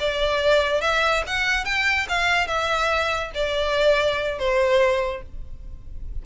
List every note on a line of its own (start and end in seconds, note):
0.00 0.82 D5
0.82 1.24 E5
1.27 1.65 F#5
1.65 2.07 G5
2.09 2.48 F5
2.48 3.32 E5
3.35 4.39 D5
4.39 5.23 C5